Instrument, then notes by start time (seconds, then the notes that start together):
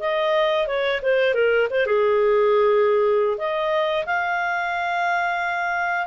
clarinet
0.00 D#5
0.67 C#5
1.02 C5
1.34 A#4
1.70 C5
1.86 G#4
3.38 D#5
4.06 F5